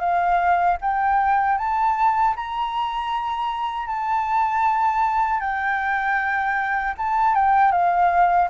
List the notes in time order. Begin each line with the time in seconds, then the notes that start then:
0.00 F5
0.81 G5
1.58 A5
2.36 A#5
3.87 A5
5.41 G5
6.97 A5
7.35 G5
7.71 F5